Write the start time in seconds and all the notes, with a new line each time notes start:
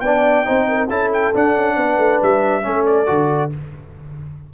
0.00 B3 D5 G5
0.06 D4
0.45 C4 D#4 C5
0.69 A#4
0.88 C#4 E4 A4 A5
1.14 G5
1.35 D4 F#5
1.57 C#4
1.76 B3 B4
1.98 A3
2.23 G3 E5
2.63 A3 C#4 A4
2.86 D5
3.06 D3 F#4